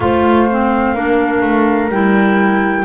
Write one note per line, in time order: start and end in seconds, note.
0.00 0.94 A3
0.00 0.48 F4
0.00 0.95 C5
0.00 1.90 F5
0.50 0.95 C4
0.94 1.41 A#3
0.94 1.90 D4
0.94 2.84 A#4
1.41 1.88 A3
1.88 2.84 G3
1.88 2.84 E4
1.88 2.84 G5